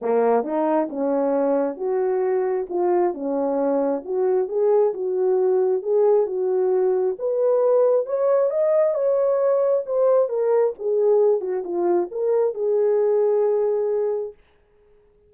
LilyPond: \new Staff \with { instrumentName = "horn" } { \time 4/4 \tempo 4 = 134 ais4 dis'4 cis'2 | fis'2 f'4 cis'4~ | cis'4 fis'4 gis'4 fis'4~ | fis'4 gis'4 fis'2 |
b'2 cis''4 dis''4 | cis''2 c''4 ais'4 | gis'4. fis'8 f'4 ais'4 | gis'1 | }